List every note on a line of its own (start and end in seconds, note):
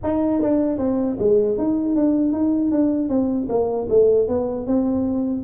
0.03 0.41 D#4
0.41 0.78 D4
0.78 1.17 C4
1.19 1.58 G#3
1.58 1.95 D#4
1.95 2.32 D4
2.32 2.71 D#4
2.71 3.09 D4
3.09 3.47 C4
3.49 3.88 A#3
3.89 4.28 A3
4.28 4.66 B3
4.66 5.43 C4